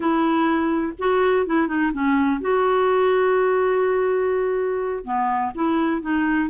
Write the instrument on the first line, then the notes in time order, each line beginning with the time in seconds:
clarinet
0.00 E4
0.99 F#4
1.46 E4
1.67 D#4
1.92 C#4
2.40 F#4
5.04 B3
5.55 E4
6.01 D#4